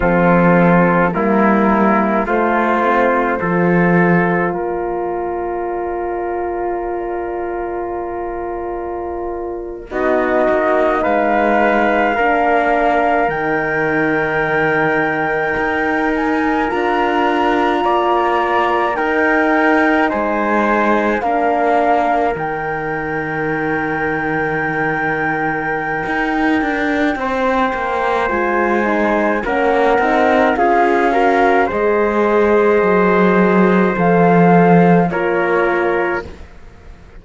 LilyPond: <<
  \new Staff \with { instrumentName = "flute" } { \time 4/4 \tempo 4 = 53 a'4 ais'4 c''2 | d''1~ | d''8. dis''4 f''2 g''16~ | g''2~ g''16 gis''8 ais''4~ ais''16~ |
ais''8. g''4 gis''4 f''4 g''16~ | g''1~ | g''4 gis''4 fis''4 f''4 | dis''2 f''4 cis''4 | }
  \new Staff \with { instrumentName = "trumpet" } { \time 4/4 f'4 e'4 f'4 a'4 | ais'1~ | ais'8. fis'4 b'4 ais'4~ ais'16~ | ais'2.~ ais'8. d''16~ |
d''8. ais'4 c''4 ais'4~ ais'16~ | ais'1 | c''2 ais'4 gis'8 ais'8 | c''2. ais'4 | }
  \new Staff \with { instrumentName = "horn" } { \time 4/4 c'4 ais4 a8 c'8 f'4~ | f'1~ | f'8. dis'2 d'4 dis'16~ | dis'2~ dis'8. f'4~ f'16~ |
f'8. dis'2 d'4 dis'16~ | dis'1~ | dis'4 f'8 dis'8 cis'8 dis'8 f'8 fis'8 | gis'2 a'4 f'4 | }
  \new Staff \with { instrumentName = "cello" } { \time 4/4 f4 g4 a4 f4 | ais1~ | ais8. b8 ais8 gis4 ais4 dis16~ | dis4.~ dis16 dis'4 d'4 ais16~ |
ais8. dis'4 gis4 ais4 dis16~ | dis2. dis'8 d'8 | c'8 ais8 gis4 ais8 c'8 cis'4 | gis4 fis4 f4 ais4 | }
>>